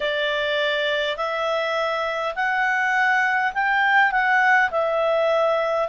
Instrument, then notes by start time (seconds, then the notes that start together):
clarinet
0.00 D5
1.17 E5
2.35 F#5
3.53 G5
4.11 F#5
4.71 E5